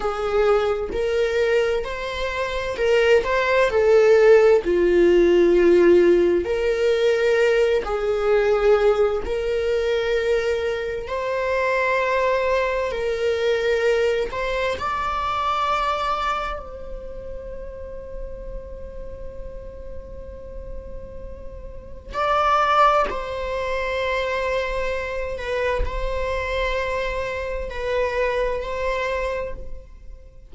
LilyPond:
\new Staff \with { instrumentName = "viola" } { \time 4/4 \tempo 4 = 65 gis'4 ais'4 c''4 ais'8 c''8 | a'4 f'2 ais'4~ | ais'8 gis'4. ais'2 | c''2 ais'4. c''8 |
d''2 c''2~ | c''1 | d''4 c''2~ c''8 b'8 | c''2 b'4 c''4 | }